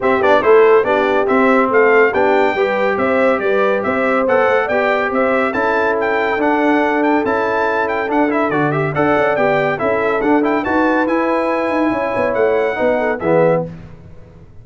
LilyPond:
<<
  \new Staff \with { instrumentName = "trumpet" } { \time 4/4 \tempo 4 = 141 e''8 d''8 c''4 d''4 e''4 | f''4 g''2 e''4 | d''4 e''4 fis''4 g''4 | e''4 a''4 g''4 fis''4~ |
fis''8 g''8 a''4. g''8 fis''8 e''8 | d''8 e''8 fis''4 g''4 e''4 | fis''8 g''8 a''4 gis''2~ | gis''4 fis''2 e''4 | }
  \new Staff \with { instrumentName = "horn" } { \time 4/4 g'4 a'4 g'2 | a'4 g'4 b'4 c''4 | b'4 c''2 d''4 | c''4 a'2.~ |
a'1~ | a'4 d''2 a'4~ | a'4 b'2. | cis''2 b'8 a'8 gis'4 | }
  \new Staff \with { instrumentName = "trombone" } { \time 4/4 c'8 d'8 e'4 d'4 c'4~ | c'4 d'4 g'2~ | g'2 a'4 g'4~ | g'4 e'2 d'4~ |
d'4 e'2 d'8 e'8 | fis'8 g'8 a'4 g'4 e'4 | d'8 e'8 fis'4 e'2~ | e'2 dis'4 b4 | }
  \new Staff \with { instrumentName = "tuba" } { \time 4/4 c'8 b8 a4 b4 c'4 | a4 b4 g4 c'4 | g4 c'4 b8 a8 b4 | c'4 cis'2 d'4~ |
d'4 cis'2 d'4 | d4 d'8 cis'8 b4 cis'4 | d'4 dis'4 e'4. dis'8 | cis'8 b8 a4 b4 e4 | }
>>